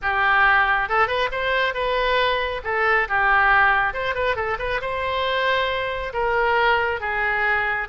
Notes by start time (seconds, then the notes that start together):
0.02 G4
0.89 A4
1.07 B4
1.31 C5
1.73 B4
2.64 A4
3.08 G4
3.93 C5
4.14 B4
4.35 A4
4.58 B4
4.81 C5
6.13 A#4
7.00 G#4